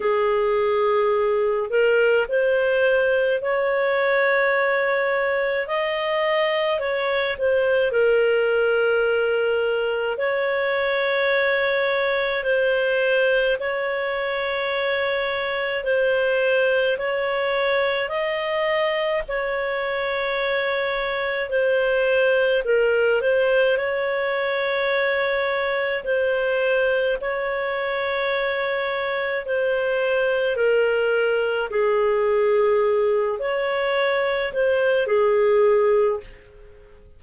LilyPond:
\new Staff \with { instrumentName = "clarinet" } { \time 4/4 \tempo 4 = 53 gis'4. ais'8 c''4 cis''4~ | cis''4 dis''4 cis''8 c''8 ais'4~ | ais'4 cis''2 c''4 | cis''2 c''4 cis''4 |
dis''4 cis''2 c''4 | ais'8 c''8 cis''2 c''4 | cis''2 c''4 ais'4 | gis'4. cis''4 c''8 gis'4 | }